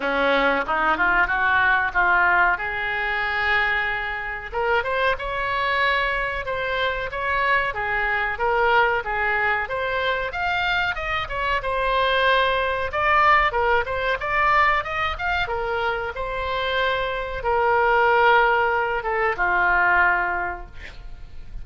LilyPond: \new Staff \with { instrumentName = "oboe" } { \time 4/4 \tempo 4 = 93 cis'4 dis'8 f'8 fis'4 f'4 | gis'2. ais'8 c''8 | cis''2 c''4 cis''4 | gis'4 ais'4 gis'4 c''4 |
f''4 dis''8 cis''8 c''2 | d''4 ais'8 c''8 d''4 dis''8 f''8 | ais'4 c''2 ais'4~ | ais'4. a'8 f'2 | }